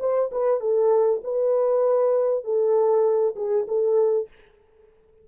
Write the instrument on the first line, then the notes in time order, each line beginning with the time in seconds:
horn
0.00 C5
0.32 B4
0.60 A4
1.24 B4
2.44 A4
3.36 G#4
3.68 A4